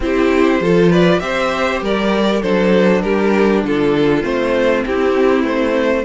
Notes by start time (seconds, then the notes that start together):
0.00 C4 E4 G4 C5
0.60 F3 F4 A4
0.90 B4 D5
1.19 C4 G4 C5 E5
1.81 G3 A#4 D5
2.41 F#3 D4 A4 C5
3.01 G3 G4 A#4
3.64 D3 F4 A4
4.22 A3 C4 C5
4.86 C4 E4 G4
5.43 A3 C5